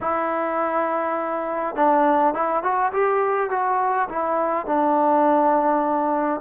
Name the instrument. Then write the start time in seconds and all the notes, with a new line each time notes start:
trombone
0.01 E4
1.75 D4
2.34 E4
2.63 F#4
2.93 G4
3.50 F#4
4.09 E4
4.65 D4